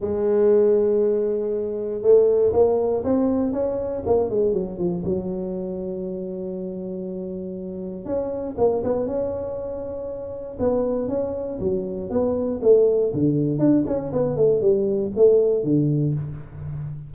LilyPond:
\new Staff \with { instrumentName = "tuba" } { \time 4/4 \tempo 4 = 119 gis1 | a4 ais4 c'4 cis'4 | ais8 gis8 fis8 f8 fis2~ | fis1 |
cis'4 ais8 b8 cis'2~ | cis'4 b4 cis'4 fis4 | b4 a4 d4 d'8 cis'8 | b8 a8 g4 a4 d4 | }